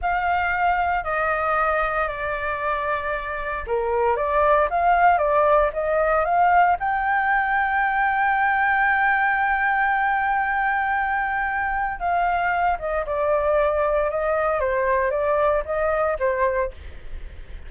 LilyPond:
\new Staff \with { instrumentName = "flute" } { \time 4/4 \tempo 4 = 115 f''2 dis''2 | d''2. ais'4 | d''4 f''4 d''4 dis''4 | f''4 g''2.~ |
g''1~ | g''2. f''4~ | f''8 dis''8 d''2 dis''4 | c''4 d''4 dis''4 c''4 | }